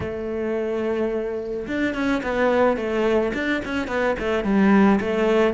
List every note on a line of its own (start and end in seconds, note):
0.00 1.66 A3
1.67 1.94 D4
1.94 2.22 C#4
2.23 2.77 B3
2.77 3.32 A3
3.34 3.62 D4
3.64 3.87 C#4
3.87 4.15 B3
4.19 4.44 A3
4.44 4.99 G3
5.00 5.53 A3